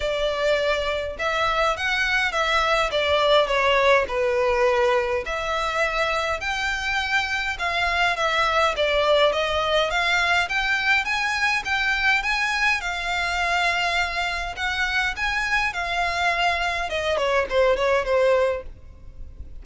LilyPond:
\new Staff \with { instrumentName = "violin" } { \time 4/4 \tempo 4 = 103 d''2 e''4 fis''4 | e''4 d''4 cis''4 b'4~ | b'4 e''2 g''4~ | g''4 f''4 e''4 d''4 |
dis''4 f''4 g''4 gis''4 | g''4 gis''4 f''2~ | f''4 fis''4 gis''4 f''4~ | f''4 dis''8 cis''8 c''8 cis''8 c''4 | }